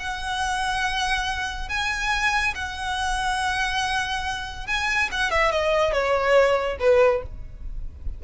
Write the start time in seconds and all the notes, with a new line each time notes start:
0.00 F#5
1.69 G#5
2.55 F#5
4.67 G#5
5.12 F#5
5.31 E5
5.52 D#5
5.93 C#5
6.80 B4